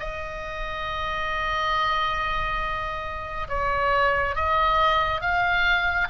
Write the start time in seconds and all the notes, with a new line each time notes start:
0.00 D#5
3.49 C#5
4.36 D#5
5.21 F5